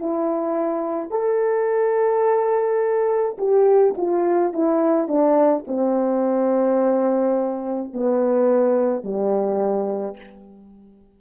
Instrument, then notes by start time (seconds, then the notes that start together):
horn
0.00 E4
1.11 A4
3.39 G4
3.98 F4
4.53 E4
5.08 D4
5.68 C4
7.93 B3
9.04 G3